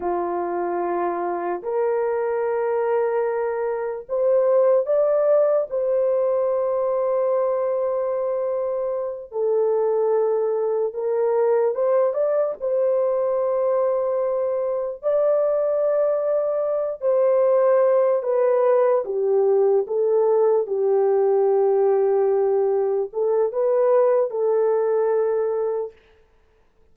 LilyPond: \new Staff \with { instrumentName = "horn" } { \time 4/4 \tempo 4 = 74 f'2 ais'2~ | ais'4 c''4 d''4 c''4~ | c''2.~ c''8 a'8~ | a'4. ais'4 c''8 d''8 c''8~ |
c''2~ c''8 d''4.~ | d''4 c''4. b'4 g'8~ | g'8 a'4 g'2~ g'8~ | g'8 a'8 b'4 a'2 | }